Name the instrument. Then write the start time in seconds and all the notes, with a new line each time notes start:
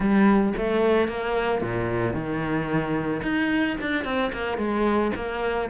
cello
0.00 G3
0.57 A3
1.07 A#3
1.61 A#2
2.13 D#3
3.22 D#4
3.80 D4
4.04 C4
4.32 A#3
4.57 G#3
5.15 A#3